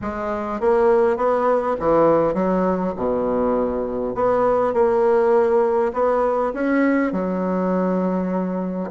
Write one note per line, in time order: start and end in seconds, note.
0.01 0.60 G#3
0.60 1.16 A#3
1.16 1.76 B3
1.79 2.34 E3
2.34 2.93 F#3
2.96 4.14 B2
4.14 4.73 B3
4.73 5.92 A#3
5.93 6.52 B3
6.53 7.12 C#4
7.12 8.90 F#3